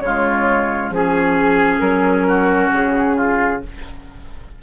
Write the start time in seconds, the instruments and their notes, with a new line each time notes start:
0.00 bassoon C#3, clarinet G#3, oboe F4, flute C#5
0.90 bassoon F3, clarinet C#4, flute G#4, oboe G#4
1.79 bassoon F#3, flute A#4
2.27 oboe F#4
2.72 bassoon C#3, flute G#4
3.16 oboe F4